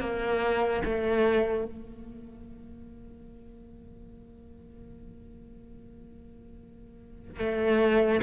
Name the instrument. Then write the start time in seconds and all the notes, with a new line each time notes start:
cello
0.00 A#3
0.84 A3
1.65 A#3
7.39 A3